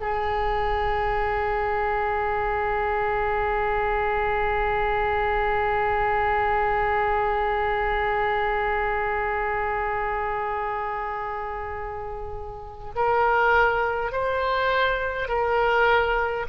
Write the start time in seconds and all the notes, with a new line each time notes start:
0.00 G#4
12.96 A#4
14.12 C5
15.28 A#4